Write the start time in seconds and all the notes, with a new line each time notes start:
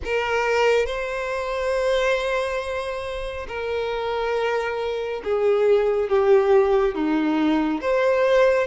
0.04 A#4
0.86 C5
3.48 A#4
5.24 G#4
6.09 G4
6.94 D#4
7.81 C5